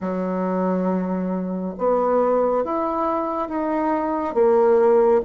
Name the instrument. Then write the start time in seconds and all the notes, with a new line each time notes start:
bassoon
0.00 F#3
1.78 B3
2.64 E4
3.48 D#4
4.34 A#3